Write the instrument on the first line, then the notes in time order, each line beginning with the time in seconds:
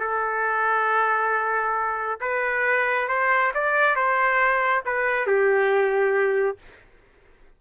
trumpet
0.00 A4
2.21 B4
3.08 C5
3.54 D5
3.96 C5
4.86 B4
5.27 G4